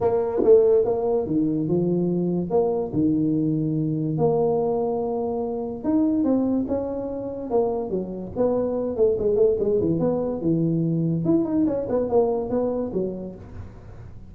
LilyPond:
\new Staff \with { instrumentName = "tuba" } { \time 4/4 \tempo 4 = 144 ais4 a4 ais4 dis4 | f2 ais4 dis4~ | dis2 ais2~ | ais2 dis'4 c'4 |
cis'2 ais4 fis4 | b4. a8 gis8 a8 gis8 e8 | b4 e2 e'8 dis'8 | cis'8 b8 ais4 b4 fis4 | }